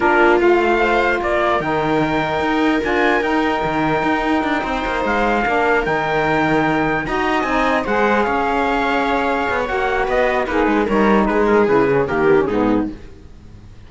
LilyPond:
<<
  \new Staff \with { instrumentName = "trumpet" } { \time 4/4 \tempo 4 = 149 ais'4 f''2 d''4 | g''2. gis''4 | g''1~ | g''8 f''2 g''4.~ |
g''4. ais''4 gis''4 fis''8~ | fis''8 f''2.~ f''8 | fis''4 dis''4 b'4 cis''4 | b'8 ais'8 b'4 ais'4 gis'4 | }
  \new Staff \with { instrumentName = "viola" } { \time 4/4 f'2 c''4 ais'4~ | ais'1~ | ais'2.~ ais'8 c''8~ | c''4. ais'2~ ais'8~ |
ais'4. dis''2 c''8~ | c''8 cis''2.~ cis''8~ | cis''4 b'4 dis'4 ais'4 | gis'2 g'4 dis'4 | }
  \new Staff \with { instrumentName = "saxophone" } { \time 4/4 d'4 f'2. | dis'2. f'4 | dis'1~ | dis'4. d'4 dis'4.~ |
dis'4. fis'4 dis'4 gis'8~ | gis'1 | fis'2 gis'4 dis'4~ | dis'4 e'8 cis'8 ais8 b16 cis'16 b4 | }
  \new Staff \with { instrumentName = "cello" } { \time 4/4 ais4 a2 ais4 | dis2 dis'4 d'4 | dis'4 dis4 dis'4 d'8 c'8 | ais8 gis4 ais4 dis4.~ |
dis4. dis'4 c'4 gis8~ | gis8 cis'2. b8 | ais4 b4 ais8 gis8 g4 | gis4 cis4 dis4 gis,4 | }
>>